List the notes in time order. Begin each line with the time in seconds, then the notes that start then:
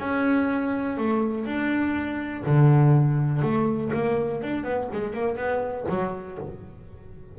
0.00 C#4
0.98 A3
1.46 D4
2.46 D3
3.42 A3
3.94 A#3
4.43 D4
4.64 B3
4.93 G#3
5.14 A#3
5.37 B3
5.89 F#3